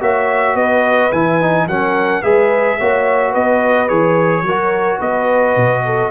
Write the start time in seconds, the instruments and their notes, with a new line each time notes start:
0.00 tuba A#3, trombone F#4, horn C#5, trumpet E5
0.54 tuba B3, horn B4, trumpet D#5
1.12 tuba E3, trombone E4, trumpet G#5
1.41 trombone D#4
1.66 tuba F#3, trombone C#4, horn A#4, trumpet F#5
2.22 tuba G#3, trombone G#4, horn B4, trumpet E5
2.78 tuba A#3, trombone F#4, horn C#5
3.31 tuba B3, horn B4, trumpet D#5
3.88 tuba E3, trombone G#4, trumpet C#5
4.42 tuba F#3, trombone F#4, horn A#4
4.98 tuba B3, horn B4, trumpet D#5
5.56 tuba B2
5.85 horn A4